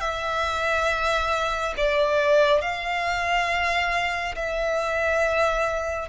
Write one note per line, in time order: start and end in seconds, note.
0.00 1.74 E5
1.77 2.61 D5
2.61 4.35 F5
4.35 6.09 E5